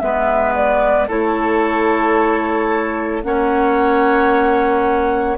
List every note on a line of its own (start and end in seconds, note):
0.00 1.09 G#3
0.00 1.09 B3
0.00 1.08 B4
0.00 0.54 E5
0.55 1.09 D5
1.08 3.24 A3
1.08 3.24 E4
1.08 3.22 A4
1.08 3.23 C#5
3.23 5.38 A#3
3.23 5.38 C#4
3.23 5.38 C#5
3.23 5.37 F#5